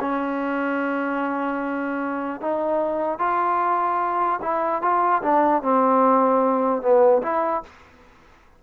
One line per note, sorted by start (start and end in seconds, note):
0.00 2.41 C#4
2.41 3.18 D#4
3.18 4.39 F4
4.42 4.82 E4
4.82 5.22 F4
5.22 5.62 D4
5.62 6.82 C4
6.82 7.22 B3
7.22 7.62 E4